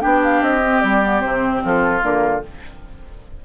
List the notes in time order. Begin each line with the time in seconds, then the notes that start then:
0.00 B3 D4 G4 G5
0.23 F5
0.41 C4 D#5
0.65 C4
0.81 G3 D5
1.02 B3
1.20 C3 C4 C5
1.64 F3 F4 A4
2.01 D3 A#3 A#4